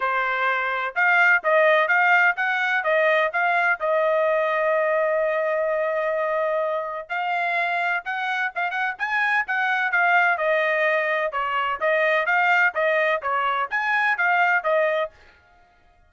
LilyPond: \new Staff \with { instrumentName = "trumpet" } { \time 4/4 \tempo 4 = 127 c''2 f''4 dis''4 | f''4 fis''4 dis''4 f''4 | dis''1~ | dis''2. f''4~ |
f''4 fis''4 f''8 fis''8 gis''4 | fis''4 f''4 dis''2 | cis''4 dis''4 f''4 dis''4 | cis''4 gis''4 f''4 dis''4 | }